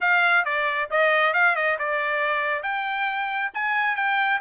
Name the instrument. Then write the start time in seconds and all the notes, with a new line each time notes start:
trumpet
0.00 F5
0.44 D5
0.90 D#5
1.33 F5
1.55 D#5
1.78 D5
2.62 G5
3.54 G#5
3.96 G5